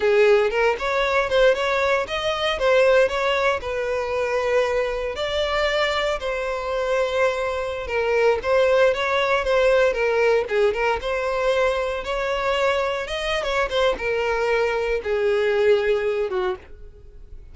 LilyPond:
\new Staff \with { instrumentName = "violin" } { \time 4/4 \tempo 4 = 116 gis'4 ais'8 cis''4 c''8 cis''4 | dis''4 c''4 cis''4 b'4~ | b'2 d''2 | c''2.~ c''16 ais'8.~ |
ais'16 c''4 cis''4 c''4 ais'8.~ | ais'16 gis'8 ais'8 c''2 cis''8.~ | cis''4~ cis''16 dis''8. cis''8 c''8 ais'4~ | ais'4 gis'2~ gis'8 fis'8 | }